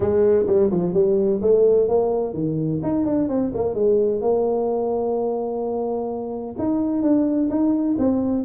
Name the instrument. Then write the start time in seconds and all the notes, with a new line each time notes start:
tuba
0.00 G#3
0.46 G3
0.70 F3
0.93 G3
1.41 A3
1.88 A#3
2.33 D#3
2.83 D#4
3.05 D4
3.29 C4
3.54 A#3
3.74 G#3
4.21 A#3
6.58 D#4
7.02 D4
7.50 D#4
7.98 C4